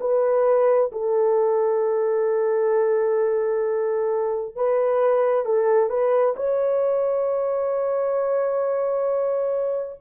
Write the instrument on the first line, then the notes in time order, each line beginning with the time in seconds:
horn
0.00 B4
0.92 A4
4.55 B4
5.45 A4
5.89 B4
6.36 C#5